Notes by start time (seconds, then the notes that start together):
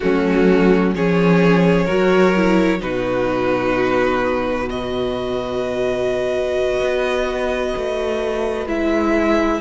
0.00 F#3 A3 C#4 F#4
0.95 F3 C#4 G#4 C#5
1.85 F#3 F#4 A#4
2.36 E4
2.80 B2 D#4 F#4 B4
4.66 F#4 B4 D#5
6.80 B3
7.77 A3
8.66 G#3 E4 E5